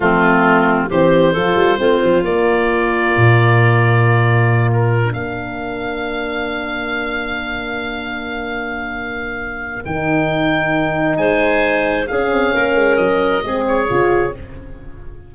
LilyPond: <<
  \new Staff \with { instrumentName = "oboe" } { \time 4/4 \tempo 4 = 134 f'2 c''2~ | c''4 d''2.~ | d''2~ d''8 ais'4 f''8~ | f''1~ |
f''1~ | f''2 g''2~ | g''4 gis''2 f''4~ | f''4 dis''4. cis''4. | }
  \new Staff \with { instrumentName = "clarinet" } { \time 4/4 c'2 g'4 a'4 | f'1~ | f'2.~ f'8 ais'8~ | ais'1~ |
ais'1~ | ais'1~ | ais'4 c''2 gis'4 | ais'2 gis'2 | }
  \new Staff \with { instrumentName = "horn" } { \time 4/4 a2 c'4 f'4 | c'4 ais2.~ | ais2.~ ais16 d'8.~ | d'1~ |
d'1~ | d'2 dis'2~ | dis'2. cis'4~ | cis'2 c'4 f'4 | }
  \new Staff \with { instrumentName = "tuba" } { \time 4/4 f2 e4 f8 g8 | a8 f8 ais2 ais,4~ | ais,2.~ ais,8 ais8~ | ais1~ |
ais1~ | ais2 dis2~ | dis4 gis2 cis'8 c'8 | ais8 gis8 fis4 gis4 cis4 | }
>>